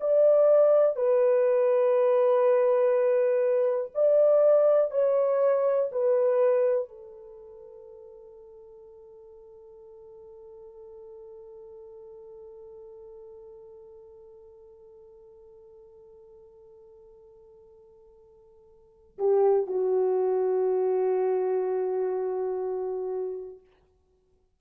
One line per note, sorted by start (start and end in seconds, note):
0.00 0.96 D5
0.96 3.91 B4
3.94 4.90 D5
4.90 5.89 C#5
5.92 6.88 B4
6.88 19.18 A4
19.18 19.67 G4
19.67 23.60 F#4